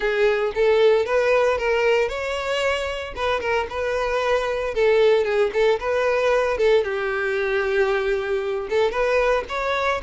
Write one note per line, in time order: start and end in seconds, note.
0.00 0.52 G#4
0.54 1.05 A4
1.05 1.58 B4
1.58 2.08 A#4
2.08 3.13 C#5
3.15 3.40 B4
3.40 3.67 A#4
3.69 4.74 B4
4.74 5.24 A4
5.24 5.50 G#4
5.53 5.79 A4
5.79 6.57 B4
6.57 6.83 A4
6.83 8.68 G4
8.69 8.91 A4
8.91 9.43 B4
9.48 10.01 C#5